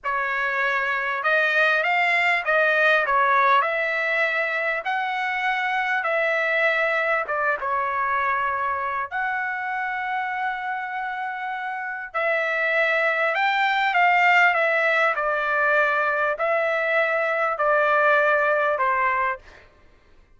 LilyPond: \new Staff \with { instrumentName = "trumpet" } { \time 4/4 \tempo 4 = 99 cis''2 dis''4 f''4 | dis''4 cis''4 e''2 | fis''2 e''2 | d''8 cis''2~ cis''8 fis''4~ |
fis''1 | e''2 g''4 f''4 | e''4 d''2 e''4~ | e''4 d''2 c''4 | }